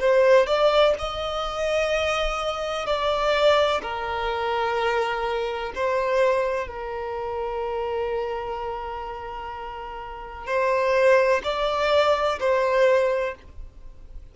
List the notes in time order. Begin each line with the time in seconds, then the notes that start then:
0.00 C5
0.47 D5
0.99 D#5
2.86 D5
3.82 A#4
5.75 C5
6.68 A#4
10.47 C5
11.44 D5
12.40 C5